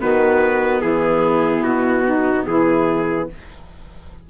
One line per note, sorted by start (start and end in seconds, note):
0.00 0.83 D#3
0.00 3.29 B3
0.00 0.80 F#4
0.00 0.81 B4
0.80 1.63 E3
0.80 2.04 E4
0.80 1.63 G#4
1.63 2.46 B2
1.63 2.45 F#4
2.05 2.47 D#4
2.46 3.28 E3
2.46 3.29 E4
2.46 3.28 G#4